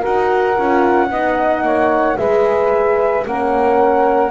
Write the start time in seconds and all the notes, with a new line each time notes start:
0.00 D#4 F#4 A#4 F#5
0.56 C#4 F4
1.10 B3 D#4 D#5
1.62 A#3 C#5
2.17 G#3 G#4 B4 E5
3.25 A#3 C#4 A#4 F#5